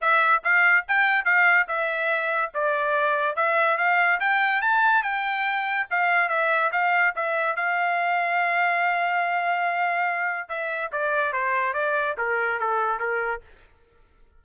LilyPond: \new Staff \with { instrumentName = "trumpet" } { \time 4/4 \tempo 4 = 143 e''4 f''4 g''4 f''4 | e''2 d''2 | e''4 f''4 g''4 a''4 | g''2 f''4 e''4 |
f''4 e''4 f''2~ | f''1~ | f''4 e''4 d''4 c''4 | d''4 ais'4 a'4 ais'4 | }